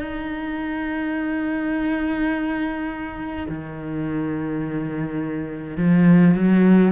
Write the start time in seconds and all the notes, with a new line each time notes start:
0.00 D#4
3.49 D#3
5.77 F3
6.34 F#3